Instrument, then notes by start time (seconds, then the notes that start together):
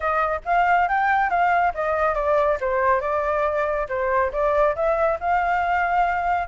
flute
0.00 D#5
0.45 F5
0.88 G5
1.29 F5
1.74 D#5
2.14 D5
2.60 C5
3.00 D5
3.88 C5
4.32 D5
4.75 E5
5.20 F5